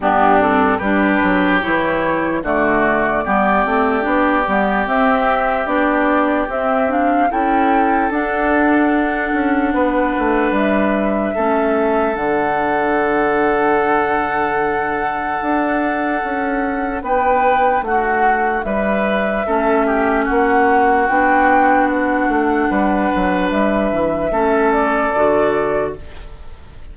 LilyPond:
<<
  \new Staff \with { instrumentName = "flute" } { \time 4/4 \tempo 4 = 74 g'8 a'8 b'4 cis''4 d''4~ | d''2 e''4 d''4 | e''8 f''8 g''4 fis''2~ | fis''4 e''2 fis''4~ |
fis''1~ | fis''4 g''4 fis''4 e''4~ | e''4 fis''4 g''4 fis''4~ | fis''4 e''4. d''4. | }
  \new Staff \with { instrumentName = "oboe" } { \time 4/4 d'4 g'2 fis'4 | g'1~ | g'4 a'2. | b'2 a'2~ |
a'1~ | a'4 b'4 fis'4 b'4 | a'8 g'8 fis'2. | b'2 a'2 | }
  \new Staff \with { instrumentName = "clarinet" } { \time 4/4 b8 c'8 d'4 e'4 a4 | b8 c'8 d'8 b8 c'4 d'4 | c'8 d'8 e'4 d'2~ | d'2 cis'4 d'4~ |
d'1~ | d'1 | cis'2 d'2~ | d'2 cis'4 fis'4 | }
  \new Staff \with { instrumentName = "bassoon" } { \time 4/4 g,4 g8 fis8 e4 d4 | g8 a8 b8 g8 c'4 b4 | c'4 cis'4 d'4. cis'8 | b8 a8 g4 a4 d4~ |
d2. d'4 | cis'4 b4 a4 g4 | a4 ais4 b4. a8 | g8 fis8 g8 e8 a4 d4 | }
>>